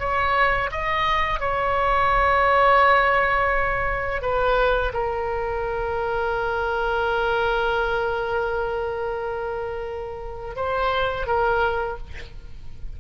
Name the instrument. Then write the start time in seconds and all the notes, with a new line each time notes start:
oboe
0.00 C#5
0.72 D#5
1.40 C#5
4.22 B4
4.94 A#4
10.56 C5
11.27 A#4